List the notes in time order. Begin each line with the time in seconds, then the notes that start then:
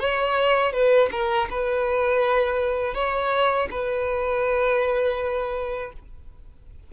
0.00 C#5
0.73 B4
1.12 A#4
1.51 B4
2.95 C#5
3.71 B4